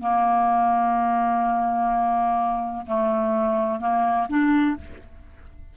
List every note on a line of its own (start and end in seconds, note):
0.00 2.86 A#3
2.87 3.80 A3
3.80 4.28 A#3
4.29 4.77 D4